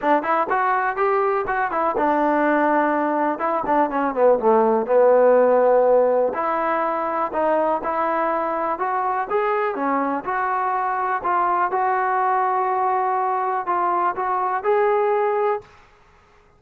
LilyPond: \new Staff \with { instrumentName = "trombone" } { \time 4/4 \tempo 4 = 123 d'8 e'8 fis'4 g'4 fis'8 e'8 | d'2. e'8 d'8 | cis'8 b8 a4 b2~ | b4 e'2 dis'4 |
e'2 fis'4 gis'4 | cis'4 fis'2 f'4 | fis'1 | f'4 fis'4 gis'2 | }